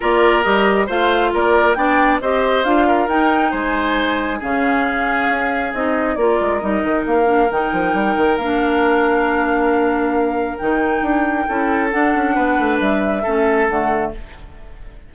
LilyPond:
<<
  \new Staff \with { instrumentName = "flute" } { \time 4/4 \tempo 4 = 136 d''4 dis''4 f''4 d''4 | g''4 dis''4 f''4 g''4 | gis''2 f''2~ | f''4 dis''4 d''4 dis''4 |
f''4 g''2 f''4~ | f''1 | g''2. fis''4~ | fis''4 e''2 fis''4 | }
  \new Staff \with { instrumentName = "oboe" } { \time 4/4 ais'2 c''4 ais'4 | d''4 c''4. ais'4. | c''2 gis'2~ | gis'2 ais'2~ |
ais'1~ | ais'1~ | ais'2 a'2 | b'2 a'2 | }
  \new Staff \with { instrumentName = "clarinet" } { \time 4/4 f'4 g'4 f'2 | d'4 g'4 f'4 dis'4~ | dis'2 cis'2~ | cis'4 dis'4 f'4 dis'4~ |
dis'8 d'8 dis'2 d'4~ | d'1 | dis'2 e'4 d'4~ | d'2 cis'4 a4 | }
  \new Staff \with { instrumentName = "bassoon" } { \time 4/4 ais4 g4 a4 ais4 | b4 c'4 d'4 dis'4 | gis2 cis2 | cis'4 c'4 ais8 gis8 g8 dis8 |
ais4 dis8 f8 g8 dis8 ais4~ | ais1 | dis4 d'4 cis'4 d'8 cis'8 | b8 a8 g4 a4 d4 | }
>>